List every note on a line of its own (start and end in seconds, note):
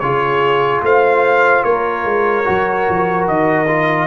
0.00 0.82 C#3
0.00 2.45 F4
0.00 0.85 G#4
0.00 0.81 C#5
0.82 1.64 A3
0.82 1.65 C5
0.82 1.64 F5
1.64 2.05 A#3
1.64 4.07 A#4
1.64 3.26 C#5
2.05 2.46 G#3
2.45 2.89 F#3
2.45 3.67 F#4
2.90 3.28 F3
3.28 4.07 D#3
3.28 4.07 D#5
3.68 4.07 F4